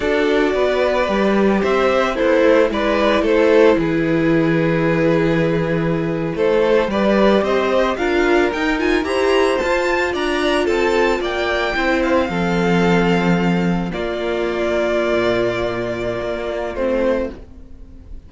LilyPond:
<<
  \new Staff \with { instrumentName = "violin" } { \time 4/4 \tempo 4 = 111 d''2. e''4 | c''4 d''4 c''4 b'4~ | b'2.~ b'8. c''16~ | c''8. d''4 dis''4 f''4 g''16~ |
g''16 gis''8 ais''4 a''4 ais''4 a''16~ | a''8. g''4. f''4.~ f''16~ | f''4.~ f''16 d''2~ d''16~ | d''2. c''4 | }
  \new Staff \with { instrumentName = "violin" } { \time 4/4 a'4 b'2 c''4 | e'4 b'4 a'4 gis'4~ | gis'2.~ gis'8. a'16~ | a'8. b'4 c''4 ais'4~ ais'16~ |
ais'8. c''2 d''4 a'16~ | a'8. d''4 c''4 a'4~ a'16~ | a'4.~ a'16 f'2~ f'16~ | f'1 | }
  \new Staff \with { instrumentName = "viola" } { \time 4/4 fis'2 g'2 | a'4 e'2.~ | e'1~ | e'8. g'2 f'4 dis'16~ |
dis'16 f'8 g'4 f'2~ f'16~ | f'4.~ f'16 e'4 c'4~ c'16~ | c'4.~ c'16 ais2~ ais16~ | ais2. c'4 | }
  \new Staff \with { instrumentName = "cello" } { \time 4/4 d'4 b4 g4 c'4 | b8 a8 gis4 a4 e4~ | e2.~ e8. a16~ | a8. g4 c'4 d'4 dis'16~ |
dis'8. e'4 f'4 d'4 c'16~ | c'8. ais4 c'4 f4~ f16~ | f4.~ f16 ais2~ ais16 | ais,2 ais4 a4 | }
>>